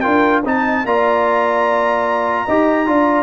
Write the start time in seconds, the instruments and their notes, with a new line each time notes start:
0.00 tuba D4, trombone F4, horn A#4, trumpet G5
0.44 tuba C4, trombone D#4, horn D#5, trumpet A5
0.85 tuba A#3, trombone F4, horn D5, trumpet A#5
2.45 tuba D#4, trombone G4, horn D#5
2.86 tuba D4, trombone F4, horn D5